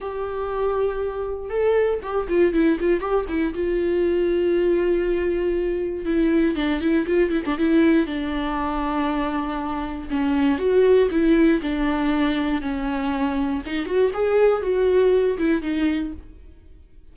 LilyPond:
\new Staff \with { instrumentName = "viola" } { \time 4/4 \tempo 4 = 119 g'2. a'4 | g'8 f'8 e'8 f'8 g'8 e'8 f'4~ | f'1 | e'4 d'8 e'8 f'8 e'16 d'16 e'4 |
d'1 | cis'4 fis'4 e'4 d'4~ | d'4 cis'2 dis'8 fis'8 | gis'4 fis'4. e'8 dis'4 | }